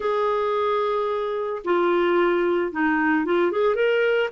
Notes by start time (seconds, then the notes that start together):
0.00 G#4
1.64 F4
2.71 D#4
3.25 F4
3.51 G#4
3.75 A#4